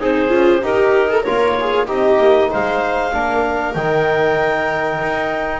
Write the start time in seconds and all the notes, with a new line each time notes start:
0.00 C4 D#4 G#4 C5
0.29 C#4 F4
0.62 D#4 G4 A#4
1.08 A4
1.23 A#3 F4 A#4 C#5
1.60 G#4
1.86 C4 D#4 G4 D#5
2.18 A#3
2.50 G#3 C5 F5
3.12 A#3 D4 A#4
3.73 D#3 D#4 G5
5.01 D#4